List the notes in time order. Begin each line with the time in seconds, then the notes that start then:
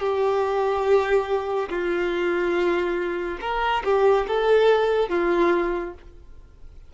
0.00 G4
1.69 F4
3.41 A#4
3.85 G4
4.28 A4
5.09 F4